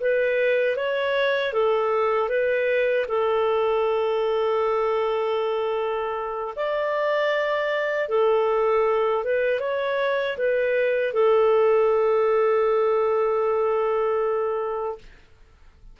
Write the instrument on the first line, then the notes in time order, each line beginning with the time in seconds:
clarinet
0.00 B4
0.76 C#5
1.53 A4
2.29 B4
3.08 A4
6.56 D5
8.09 A4
9.24 B4
9.60 C#5
10.37 B4
11.14 A4